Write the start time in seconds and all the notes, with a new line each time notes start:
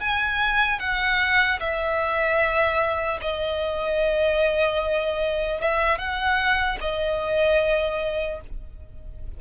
0.00 G#5
0.79 F#5
1.60 E5
3.21 D#5
5.61 E5
5.98 F#5
6.80 D#5